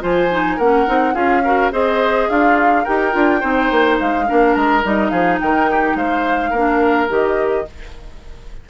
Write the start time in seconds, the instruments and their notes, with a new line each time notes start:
0.00 bassoon F3, clarinet F4, oboe C5, flute G#5
0.31 clarinet D#4
0.57 bassoon A#3, clarinet C#4, oboe A#4, flute F#5
0.87 bassoon C4, clarinet D#4
1.14 bassoon C#4, clarinet F4, oboe G#4, flute F5
1.44 clarinet F#4, oboe A#4
1.71 bassoon C4, clarinet G#4, oboe C5, flute D#5
2.29 bassoon D4, oboe F4, flute F5
2.83 bassoon D#4, clarinet G4, oboe A#4, flute G5
3.12 bassoon D4, clarinet F4
3.40 bassoon C4, clarinet D#4, oboe C5
3.71 bassoon A#3
3.99 bassoon G#3, flute F5
4.26 bassoon A#3, clarinet D4, oboe A#4
4.54 bassoon G#3, flute A#5
4.83 bassoon G3, clarinet D#4, flute D#5
5.09 bassoon F3, oboe G#4, flute F5
5.40 bassoon D#3, oboe A#4, flute G5
5.71 oboe G4
5.95 bassoon G#3, oboe C5, flute F5
6.50 bassoon A#3, clarinet D4, oboe A#4
7.08 bassoon D#3, clarinet G4, flute D#5